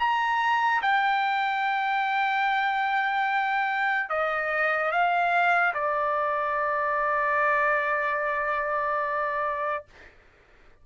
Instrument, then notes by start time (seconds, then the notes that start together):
trumpet
0.00 A#5
0.82 G5
4.10 D#5
4.92 F5
5.74 D5